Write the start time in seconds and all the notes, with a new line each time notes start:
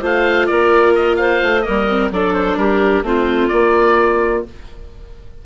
0.00 A3 F4 C5 F5
0.46 A#3 A#4 D5
0.95 D#5
1.16 C5 F5
1.42 A3
1.61 A#3 A#4 D#5
1.68 G3
1.89 C4
2.11 F#3 D4 A4 D5
2.33 C5
2.56 G3 G4 A#4
3.02 A3 C4 F4 C5
3.48 A#3 D5